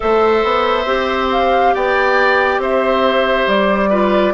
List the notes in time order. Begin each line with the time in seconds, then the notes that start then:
0.00 A3 A4 C5 E5
0.44 B3
0.85 C4 G4
1.31 F5
1.74 B3 D5 G5
2.58 C4 C5 E5
3.46 G3 D5
3.89 F4 B4